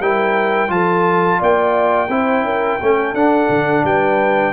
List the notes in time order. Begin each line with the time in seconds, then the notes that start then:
0.00 G3 E4 A#4 G5
0.68 F3 F4 A4 A5
1.39 A#3 D5 G5
2.09 C4 E4 C5
2.42 C#4 A#4
2.80 A3 C#4 A4
3.14 D4 F#5
3.49 D3
3.84 G3 B4 G5